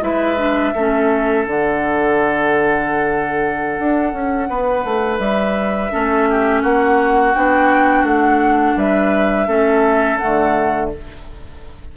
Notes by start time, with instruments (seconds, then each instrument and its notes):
0.00 bassoon G#3, clarinet E4, oboe B4, flute E5
0.37 clarinet D4
0.74 bassoon A3, clarinet C#4, oboe A4
1.45 bassoon D3, clarinet D4, flute F#5
3.79 bassoon D4
4.12 bassoon C#4
4.48 bassoon B3, oboe B4
4.84 bassoon A3
5.18 bassoon G3, flute E5
5.91 bassoon A3, clarinet C#4, oboe A4
6.29 oboe G4
6.61 bassoon A#3, oboe F#4, flute F#5
7.34 bassoon B3, clarinet D4, flute G5
8.03 bassoon A3, flute F#5
8.76 bassoon G3, oboe B4, flute E5
9.47 bassoon A3, clarinet C#4, oboe A4
10.17 clarinet A3, flute F#5
10.25 bassoon D3